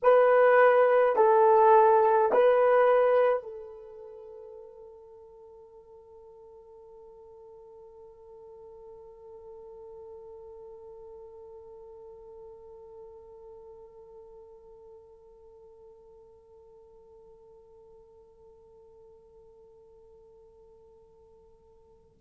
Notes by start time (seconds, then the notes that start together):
0.02 B4
1.15 A4
2.32 B4
3.42 A4